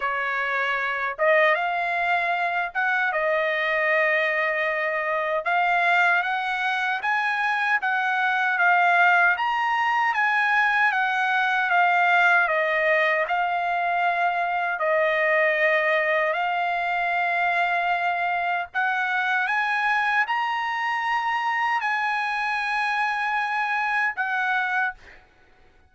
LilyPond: \new Staff \with { instrumentName = "trumpet" } { \time 4/4 \tempo 4 = 77 cis''4. dis''8 f''4. fis''8 | dis''2. f''4 | fis''4 gis''4 fis''4 f''4 | ais''4 gis''4 fis''4 f''4 |
dis''4 f''2 dis''4~ | dis''4 f''2. | fis''4 gis''4 ais''2 | gis''2. fis''4 | }